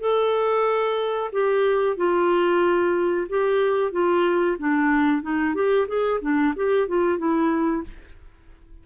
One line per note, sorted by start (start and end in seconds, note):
0.00 1.30 A4
1.32 1.97 G4
1.97 3.27 F4
3.29 3.92 G4
3.92 4.57 F4
4.59 5.22 D4
5.22 5.55 D#4
5.55 5.87 G4
5.88 6.20 G#4
6.21 6.54 D4
6.56 6.88 G4
6.88 7.18 F4
7.18 7.83 E4